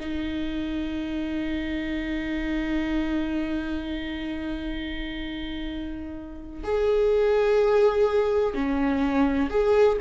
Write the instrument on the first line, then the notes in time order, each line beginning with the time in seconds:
viola
0.00 D#4
6.64 G#4
8.55 C#4
9.50 G#4